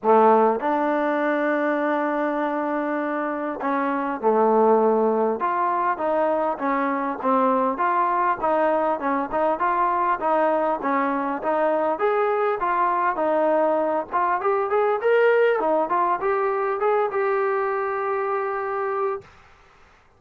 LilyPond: \new Staff \with { instrumentName = "trombone" } { \time 4/4 \tempo 4 = 100 a4 d'2.~ | d'2 cis'4 a4~ | a4 f'4 dis'4 cis'4 | c'4 f'4 dis'4 cis'8 dis'8 |
f'4 dis'4 cis'4 dis'4 | gis'4 f'4 dis'4. f'8 | g'8 gis'8 ais'4 dis'8 f'8 g'4 | gis'8 g'2.~ g'8 | }